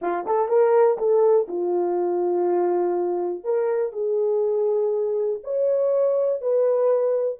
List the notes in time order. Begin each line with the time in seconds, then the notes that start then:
0.01 F4
0.26 A4
0.48 A#4
0.98 A4
1.48 F4
3.44 A#4
3.92 G#4
5.43 C#5
6.41 B4